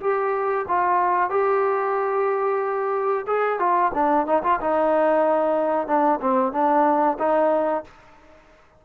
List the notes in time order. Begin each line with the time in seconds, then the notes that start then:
0.00 G4
0.67 F4
1.30 G4
3.26 G#4
3.59 F4
3.94 D4
4.26 D#4
4.43 F4
4.60 D#4
5.87 D4
6.20 C4
6.52 D4
7.18 D#4